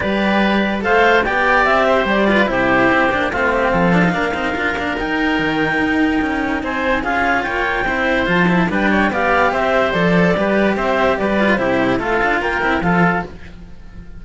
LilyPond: <<
  \new Staff \with { instrumentName = "clarinet" } { \time 4/4 \tempo 4 = 145 d''2 f''4 g''4 | e''4 d''4 c''2 | f''1 | g''1 |
gis''4 f''4 g''2 | a''4 g''4 f''4 e''4 | d''2 e''4 d''4 | c''4 f''4 g''4 f''4 | }
  \new Staff \with { instrumentName = "oboe" } { \time 4/4 b'2 c''4 d''4~ | d''8 c''4 b'8 g'2 | f'8 g'8 a'4 ais'2~ | ais'1 |
c''4 gis'4 cis''4 c''4~ | c''4 b'8 cis''8 d''4 c''4~ | c''4 b'4 c''4 b'4 | g'4 a'4 ais'4 a'4 | }
  \new Staff \with { instrumentName = "cello" } { \time 4/4 g'2 a'4 g'4~ | g'4. f'8 e'4. d'8 | c'4. d'16 dis'16 d'8 dis'8 f'8 d'8 | dis'1~ |
dis'4 f'2 e'4 | f'8 e'8 d'4 g'2 | a'4 g'2~ g'8 f'8 | e'4 f'4. e'8 f'4 | }
  \new Staff \with { instrumentName = "cello" } { \time 4/4 g2 a4 b4 | c'4 g4 c4 c'8 ais8 | a4 f4 ais8 c'8 d'8 ais8 | dis'4 dis4 dis'4 cis'4 |
c'4 cis'4 ais4 c'4 | f4 g4 b4 c'4 | f4 g4 c'4 g4 | c4 a8 d'8 ais8 c'8 f4 | }
>>